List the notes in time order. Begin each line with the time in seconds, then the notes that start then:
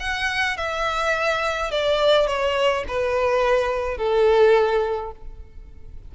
0.00 F#5
0.57 E5
1.71 D5
2.27 C#5
2.88 B4
3.98 A4